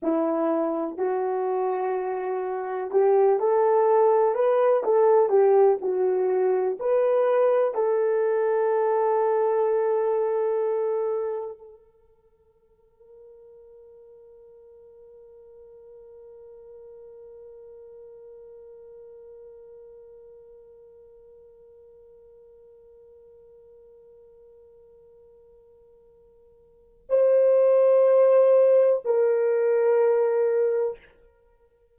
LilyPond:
\new Staff \with { instrumentName = "horn" } { \time 4/4 \tempo 4 = 62 e'4 fis'2 g'8 a'8~ | a'8 b'8 a'8 g'8 fis'4 b'4 | a'1 | ais'1~ |
ais'1~ | ais'1~ | ais'1 | c''2 ais'2 | }